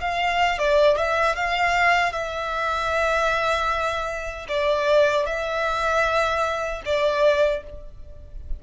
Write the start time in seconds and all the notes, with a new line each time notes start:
0.00 F5
0.58 D5
0.97 E5
1.35 F5
2.12 E5
4.48 D5
5.26 E5
6.85 D5